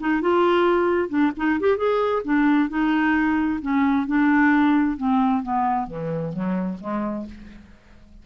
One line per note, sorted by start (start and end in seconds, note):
0.00 0.21 D#4
0.21 1.09 F4
1.09 1.32 D4
1.37 1.60 D#4
1.60 1.77 G4
1.77 2.23 G#4
2.25 2.69 D4
2.69 3.60 D#4
3.62 4.07 C#4
4.07 4.98 D4
4.98 5.43 C4
5.43 5.87 B3
5.87 6.33 E3
6.33 6.78 F#3
6.80 7.26 G#3